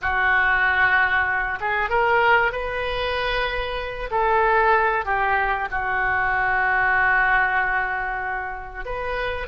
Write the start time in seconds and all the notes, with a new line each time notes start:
0.01 F#4
1.60 G#4
1.89 A#4
2.51 B4
4.11 A4
5.05 G4
5.70 F#4
8.84 B4